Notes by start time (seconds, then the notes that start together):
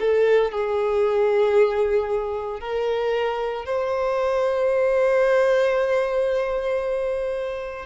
0.00 A4
0.51 G#4
2.60 A#4
3.66 C5